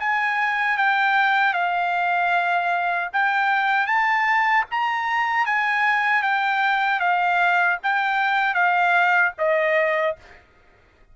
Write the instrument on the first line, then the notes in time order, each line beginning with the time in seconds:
trumpet
0.00 G#5
0.78 G5
1.54 F5
3.13 G5
3.87 A5
4.71 A#5
5.46 G#5
6.23 G5
7.00 F5
7.83 G5
8.54 F5
9.39 D#5